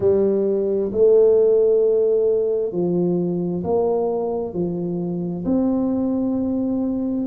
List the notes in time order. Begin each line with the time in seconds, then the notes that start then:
0.00 G3
0.91 A3
2.71 F3
3.64 A#3
4.53 F3
5.45 C4